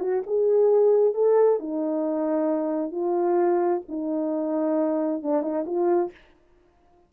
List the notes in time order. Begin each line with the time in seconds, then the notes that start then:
0.00 F#4
0.27 G#4
1.14 A4
1.60 D#4
2.92 F4
3.89 D#4
5.23 D4
5.43 D#4
5.66 F4